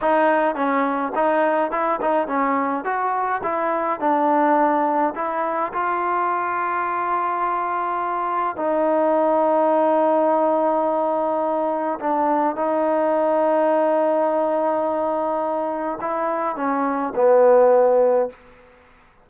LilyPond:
\new Staff \with { instrumentName = "trombone" } { \time 4/4 \tempo 4 = 105 dis'4 cis'4 dis'4 e'8 dis'8 | cis'4 fis'4 e'4 d'4~ | d'4 e'4 f'2~ | f'2. dis'4~ |
dis'1~ | dis'4 d'4 dis'2~ | dis'1 | e'4 cis'4 b2 | }